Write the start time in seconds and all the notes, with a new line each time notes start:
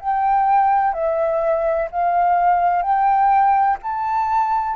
0.00 G5
0.94 E5
1.91 F5
2.82 G5
3.82 A5